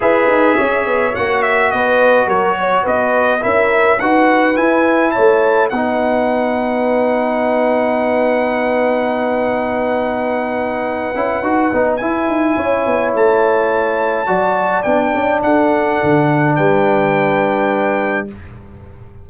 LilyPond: <<
  \new Staff \with { instrumentName = "trumpet" } { \time 4/4 \tempo 4 = 105 e''2 fis''8 e''8 dis''4 | cis''4 dis''4 e''4 fis''4 | gis''4 a''4 fis''2~ | fis''1~ |
fis''1~ | fis''4 gis''2 a''4~ | a''2 g''4 fis''4~ | fis''4 g''2. | }
  \new Staff \with { instrumentName = "horn" } { \time 4/4 b'4 cis''2 b'4 | ais'8 cis''8 b'4 ais'4 b'4~ | b'4 cis''4 b'2~ | b'1~ |
b'1~ | b'2 cis''2~ | cis''4 d''2 a'4~ | a'4 b'2. | }
  \new Staff \with { instrumentName = "trombone" } { \time 4/4 gis'2 fis'2~ | fis'2 e'4 fis'4 | e'2 dis'2~ | dis'1~ |
dis'2.~ dis'8 e'8 | fis'8 dis'8 e'2.~ | e'4 fis'4 d'2~ | d'1 | }
  \new Staff \with { instrumentName = "tuba" } { \time 4/4 e'8 dis'8 cis'8 b8 ais4 b4 | fis4 b4 cis'4 dis'4 | e'4 a4 b2~ | b1~ |
b2.~ b8 cis'8 | dis'8 b8 e'8 dis'8 cis'8 b8 a4~ | a4 fis4 b8 cis'8 d'4 | d4 g2. | }
>>